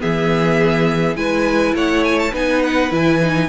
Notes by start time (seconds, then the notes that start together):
0.00 E3 B3 G#4 E5
1.15 G#3 E4 B4 G#5
1.74 A3 C#5 F#5
2.04 G#5
2.19 A5
2.32 B3 D#4 B4 G#5
2.63 F#5
2.91 E3 E4 G#5
3.22 D#4